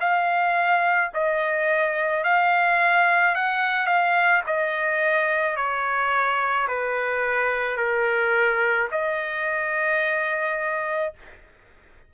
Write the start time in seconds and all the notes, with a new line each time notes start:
0.00 F5
1.14 D#5
2.24 F5
3.35 F#5
3.86 F5
4.47 D#5
5.56 C#5
6.68 B4
7.77 A#4
8.91 D#5